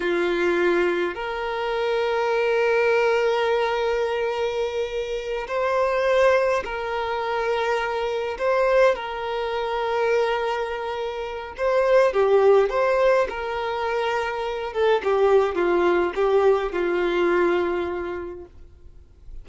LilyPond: \new Staff \with { instrumentName = "violin" } { \time 4/4 \tempo 4 = 104 f'2 ais'2~ | ais'1~ | ais'4. c''2 ais'8~ | ais'2~ ais'8 c''4 ais'8~ |
ais'1 | c''4 g'4 c''4 ais'4~ | ais'4. a'8 g'4 f'4 | g'4 f'2. | }